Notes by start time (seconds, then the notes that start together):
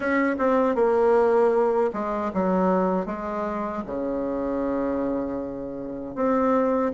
0.00 C#4
0.38 C4
0.75 A#3
1.93 G#3
2.33 F#3
3.06 G#3
3.86 C#3
6.15 C4